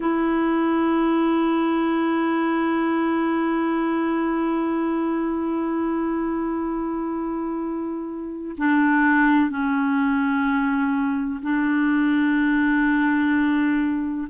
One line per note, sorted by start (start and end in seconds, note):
0.00 8.55 E4
8.57 9.50 D4
9.50 11.40 C#4
11.42 14.28 D4